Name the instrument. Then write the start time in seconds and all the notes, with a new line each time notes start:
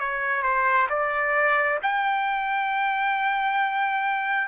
trumpet
0.00 C#5
0.43 C5
0.90 D5
1.83 G5